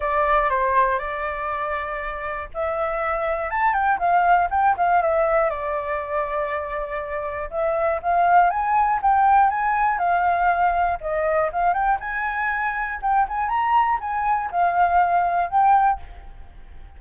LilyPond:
\new Staff \with { instrumentName = "flute" } { \time 4/4 \tempo 4 = 120 d''4 c''4 d''2~ | d''4 e''2 a''8 g''8 | f''4 g''8 f''8 e''4 d''4~ | d''2. e''4 |
f''4 gis''4 g''4 gis''4 | f''2 dis''4 f''8 g''8 | gis''2 g''8 gis''8 ais''4 | gis''4 f''2 g''4 | }